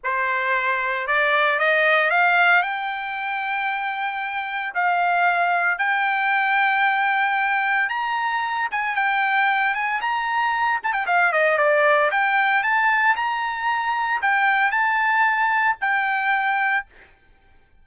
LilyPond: \new Staff \with { instrumentName = "trumpet" } { \time 4/4 \tempo 4 = 114 c''2 d''4 dis''4 | f''4 g''2.~ | g''4 f''2 g''4~ | g''2. ais''4~ |
ais''8 gis''8 g''4. gis''8 ais''4~ | ais''8 a''16 g''16 f''8 dis''8 d''4 g''4 | a''4 ais''2 g''4 | a''2 g''2 | }